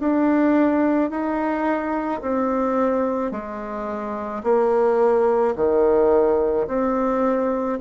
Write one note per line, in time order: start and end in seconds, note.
0.00 1.10 D4
1.10 2.21 D#4
2.21 3.32 C4
3.32 4.43 G#3
4.43 5.55 A#3
5.56 6.67 D#3
6.68 7.79 C4